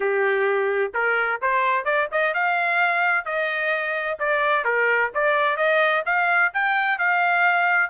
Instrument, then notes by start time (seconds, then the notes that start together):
trumpet
0.00 G4
0.94 A#4
1.41 C5
1.84 D5
2.11 D#5
2.34 F5
3.25 D#5
4.19 D5
4.64 A#4
5.14 D5
5.56 D#5
6.05 F5
6.53 G5
6.98 F5